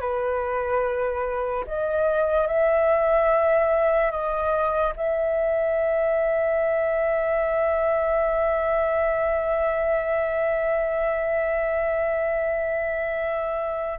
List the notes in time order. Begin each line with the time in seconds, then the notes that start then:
0.00 B4
1.67 D#5
2.47 E5
4.11 D#5
4.96 E5